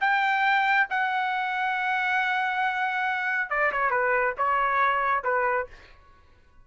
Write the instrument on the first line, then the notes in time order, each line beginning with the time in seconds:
trumpet
0.00 G5
0.90 F#5
3.50 D5
3.72 C#5
3.90 B4
4.37 C#5
5.23 B4